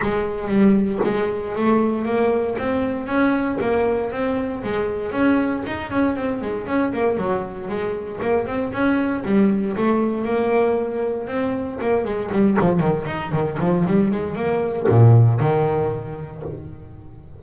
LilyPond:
\new Staff \with { instrumentName = "double bass" } { \time 4/4 \tempo 4 = 117 gis4 g4 gis4 a4 | ais4 c'4 cis'4 ais4 | c'4 gis4 cis'4 dis'8 cis'8 | c'8 gis8 cis'8 ais8 fis4 gis4 |
ais8 c'8 cis'4 g4 a4 | ais2 c'4 ais8 gis8 | g8 f8 dis8 dis'8 dis8 f8 g8 gis8 | ais4 ais,4 dis2 | }